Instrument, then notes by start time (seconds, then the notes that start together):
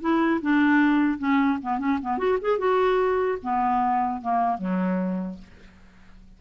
clarinet
0.00 E4
0.41 D4
1.18 C#4
1.62 B3
1.79 C#4
2.01 B3
2.18 F#4
2.41 G#4
2.58 F#4
3.42 B3
4.21 A#3
4.58 F#3